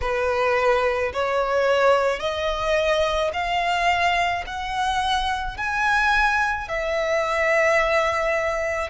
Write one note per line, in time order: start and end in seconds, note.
0.01 1.12 B4
1.13 2.19 C#5
2.19 3.30 D#5
3.33 4.44 F5
4.46 5.57 F#5
5.57 6.68 G#5
6.68 8.90 E5